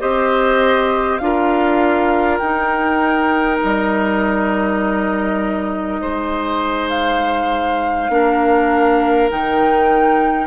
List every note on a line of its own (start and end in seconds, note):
0.00 1.20 C4
0.00 1.20 G4
0.00 1.21 C5
0.00 1.18 D#5
1.18 2.40 D4
1.18 2.41 F4
1.18 2.38 F5
1.24 6.01 A#4
2.38 3.60 D#4
2.38 8.11 D#4
2.38 3.58 G5
3.63 6.01 G3
3.63 6.90 D#5
6.01 8.09 G#3
6.01 8.11 C5
6.90 9.29 F5
8.09 9.29 A#3
8.09 9.30 D4
8.09 10.47 A#4
9.30 10.47 D#3
9.30 10.47 D#4
9.30 10.47 G5